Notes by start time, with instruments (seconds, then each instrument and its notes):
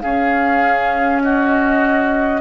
0.00 bassoon C#4, clarinet C#4, oboe G#4, flute F5
1.22 oboe F#4, flute D#5